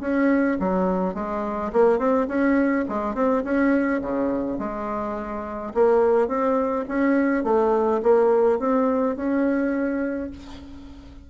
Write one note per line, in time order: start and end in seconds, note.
0.00 0.57 C#4
0.59 1.14 F#3
1.14 1.71 G#3
1.72 1.98 A#3
1.98 2.27 C4
2.28 2.85 C#4
2.88 3.14 G#3
3.14 3.43 C4
3.44 4.01 C#4
4.01 4.58 C#3
4.58 5.73 G#3
5.74 6.28 A#3
6.28 6.85 C4
6.88 7.43 C#4
7.43 8.01 A3
8.02 8.59 A#3
8.59 9.16 C4
9.16 10.30 C#4